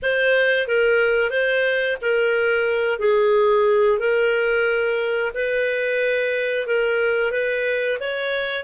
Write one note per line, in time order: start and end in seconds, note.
0.02 0.67 C5
0.67 1.30 A#4
1.30 1.97 C5
2.01 2.98 A#4
2.98 3.98 G#4
3.99 5.32 A#4
5.34 6.66 B4
6.66 7.31 A#4
7.31 7.98 B4
7.99 8.63 C#5